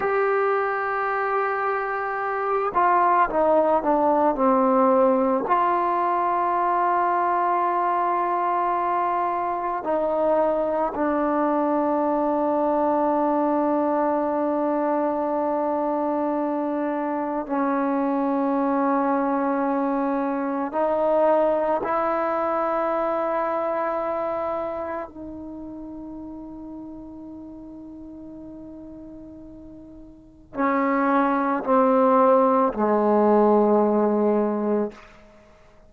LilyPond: \new Staff \with { instrumentName = "trombone" } { \time 4/4 \tempo 4 = 55 g'2~ g'8 f'8 dis'8 d'8 | c'4 f'2.~ | f'4 dis'4 d'2~ | d'1 |
cis'2. dis'4 | e'2. dis'4~ | dis'1 | cis'4 c'4 gis2 | }